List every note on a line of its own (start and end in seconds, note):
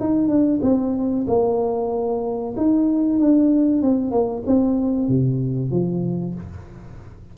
0.00 0.28 D#4
0.28 0.60 D4
0.62 1.26 C4
1.28 2.55 A#3
2.57 3.19 D#4
3.19 3.82 D4
3.82 4.11 C4
4.11 4.43 A#3
4.47 5.09 C4
5.09 5.71 C3
5.71 6.35 F3